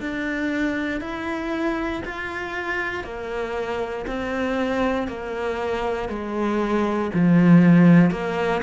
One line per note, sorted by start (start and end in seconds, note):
0.00 1.01 D4
1.01 2.02 E4
2.04 3.04 F4
3.04 4.05 A#3
4.06 5.08 C4
5.08 6.09 A#3
6.09 7.10 G#3
7.14 8.10 F3
8.10 8.61 A#3